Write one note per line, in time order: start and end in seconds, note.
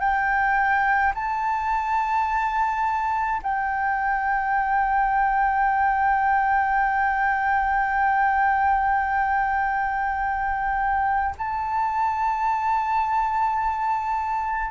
0.00 1.13 G5
1.14 3.41 A5
3.43 11.35 G5
11.38 14.71 A5